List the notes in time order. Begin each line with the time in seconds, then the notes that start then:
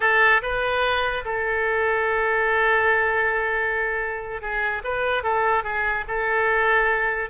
0.00 A4
0.42 B4
1.24 A4
4.41 G#4
4.84 B4
5.23 A4
5.63 G#4
6.07 A4